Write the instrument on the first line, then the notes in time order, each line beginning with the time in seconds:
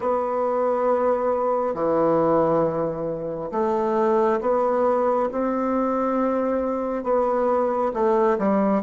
bassoon
0.00 B3
1.74 E3
3.51 A3
4.40 B3
5.31 C4
7.03 B3
7.93 A3
8.38 G3